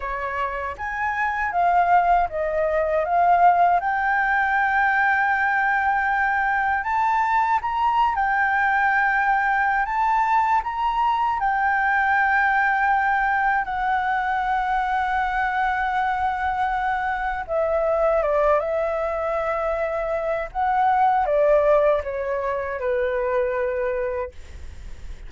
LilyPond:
\new Staff \with { instrumentName = "flute" } { \time 4/4 \tempo 4 = 79 cis''4 gis''4 f''4 dis''4 | f''4 g''2.~ | g''4 a''4 ais''8. g''4~ g''16~ | g''4 a''4 ais''4 g''4~ |
g''2 fis''2~ | fis''2. e''4 | d''8 e''2~ e''8 fis''4 | d''4 cis''4 b'2 | }